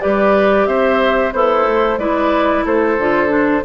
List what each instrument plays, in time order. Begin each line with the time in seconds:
0.00 bassoon G3, clarinet G4, oboe B4, flute D5
0.67 bassoon C4, oboe C5, flute E5
1.32 bassoon B3, oboe E4, clarinet A4, flute C5
1.65 bassoon A3
1.98 bassoon G#3, clarinet E4, oboe B4, flute D5
2.65 bassoon A3, oboe A4, flute C5
2.98 bassoon D3, clarinet F4
3.28 clarinet D4